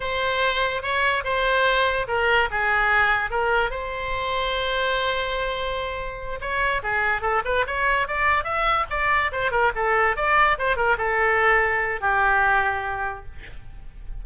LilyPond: \new Staff \with { instrumentName = "oboe" } { \time 4/4 \tempo 4 = 145 c''2 cis''4 c''4~ | c''4 ais'4 gis'2 | ais'4 c''2.~ | c''2.~ c''8 cis''8~ |
cis''8 gis'4 a'8 b'8 cis''4 d''8~ | d''8 e''4 d''4 c''8 ais'8 a'8~ | a'8 d''4 c''8 ais'8 a'4.~ | a'4 g'2. | }